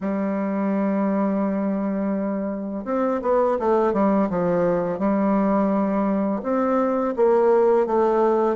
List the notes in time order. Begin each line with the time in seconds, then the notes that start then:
0.01 G3
2.84 C4
3.22 B3
3.59 A3
3.93 G3
4.29 F3
4.98 G3
6.43 C4
7.16 A#3
7.86 A3